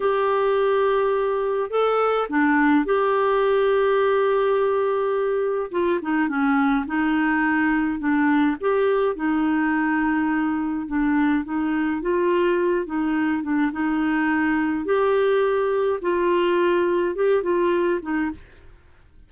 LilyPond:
\new Staff \with { instrumentName = "clarinet" } { \time 4/4 \tempo 4 = 105 g'2. a'4 | d'4 g'2.~ | g'2 f'8 dis'8 cis'4 | dis'2 d'4 g'4 |
dis'2. d'4 | dis'4 f'4. dis'4 d'8 | dis'2 g'2 | f'2 g'8 f'4 dis'8 | }